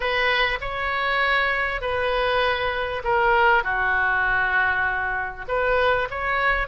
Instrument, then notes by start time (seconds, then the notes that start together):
oboe
0.00 B4
0.60 C#5
1.81 B4
3.03 A#4
3.63 F#4
5.47 B4
6.10 C#5